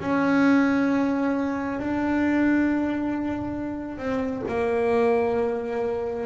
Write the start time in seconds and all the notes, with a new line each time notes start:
0.00 C#4
1.79 D4
3.98 C4
4.48 A#3